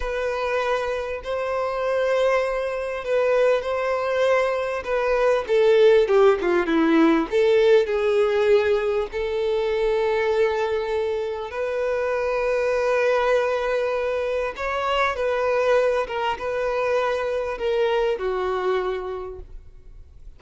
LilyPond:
\new Staff \with { instrumentName = "violin" } { \time 4/4 \tempo 4 = 99 b'2 c''2~ | c''4 b'4 c''2 | b'4 a'4 g'8 f'8 e'4 | a'4 gis'2 a'4~ |
a'2. b'4~ | b'1 | cis''4 b'4. ais'8 b'4~ | b'4 ais'4 fis'2 | }